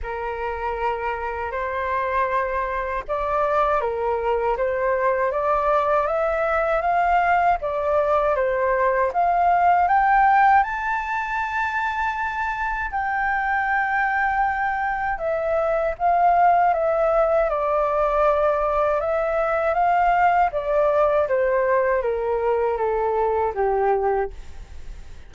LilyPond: \new Staff \with { instrumentName = "flute" } { \time 4/4 \tempo 4 = 79 ais'2 c''2 | d''4 ais'4 c''4 d''4 | e''4 f''4 d''4 c''4 | f''4 g''4 a''2~ |
a''4 g''2. | e''4 f''4 e''4 d''4~ | d''4 e''4 f''4 d''4 | c''4 ais'4 a'4 g'4 | }